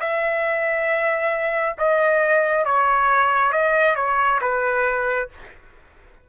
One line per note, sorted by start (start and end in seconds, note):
0.00 1.76 E5
1.78 2.65 D#5
2.65 3.53 C#5
3.53 3.95 D#5
3.95 4.40 C#5
4.41 5.29 B4